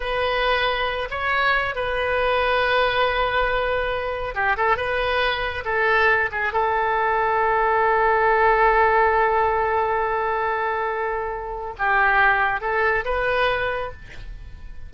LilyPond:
\new Staff \with { instrumentName = "oboe" } { \time 4/4 \tempo 4 = 138 b'2~ b'8 cis''4. | b'1~ | b'2 g'8 a'8 b'4~ | b'4 a'4. gis'8 a'4~ |
a'1~ | a'1~ | a'2. g'4~ | g'4 a'4 b'2 | }